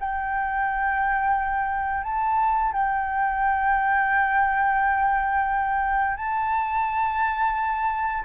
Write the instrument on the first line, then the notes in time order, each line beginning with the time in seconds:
flute
0.00 G5
2.03 A5
2.72 G5
6.17 A5